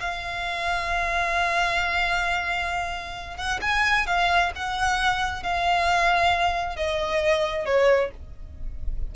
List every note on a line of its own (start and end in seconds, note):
0.00 3.37 F5
3.37 3.59 F#5
3.61 4.06 G#5
4.06 4.51 F5
4.55 5.43 F#5
5.43 6.76 F5
6.76 7.65 D#5
7.65 8.10 C#5